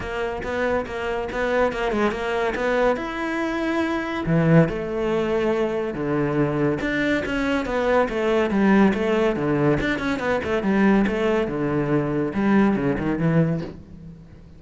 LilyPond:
\new Staff \with { instrumentName = "cello" } { \time 4/4 \tempo 4 = 141 ais4 b4 ais4 b4 | ais8 gis8 ais4 b4 e'4~ | e'2 e4 a4~ | a2 d2 |
d'4 cis'4 b4 a4 | g4 a4 d4 d'8 cis'8 | b8 a8 g4 a4 d4~ | d4 g4 cis8 dis8 e4 | }